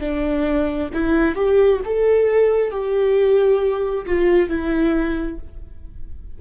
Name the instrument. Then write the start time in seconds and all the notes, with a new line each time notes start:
viola
0.00 D4
0.94 E4
1.35 G4
1.85 A4
2.71 G4
4.06 F4
4.49 E4